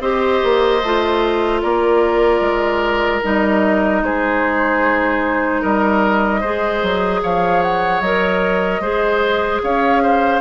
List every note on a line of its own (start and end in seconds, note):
0.00 0.40 C4
0.00 0.81 G4
0.00 1.61 C5
0.00 1.61 D#5
0.43 0.82 A#3
0.82 1.62 A3
0.82 3.22 F4
1.61 2.40 A#3
1.61 4.02 A#4
1.61 3.21 D5
2.40 3.20 G#3
3.22 4.02 G3
3.22 6.42 D#4
3.22 4.04 D#5
4.02 5.62 G#3
4.02 5.61 G#4
4.02 5.62 C5
5.61 6.42 G3
5.61 6.40 A#4
5.61 7.22 D#5
6.40 6.82 G#3
6.40 8.03 G#4
6.40 7.20 C5
6.82 7.22 F#3
7.22 8.00 F3
7.22 8.81 C#5
7.22 7.62 F5
7.62 8.00 F#5
8.00 8.80 F#3
8.00 8.82 A#4
8.00 9.60 D#5
8.80 9.60 G#3
8.80 10.40 G#4
8.80 9.61 C5
9.62 10.40 C#4
9.62 10.02 C#5
9.62 10.40 F5
10.02 10.40 C5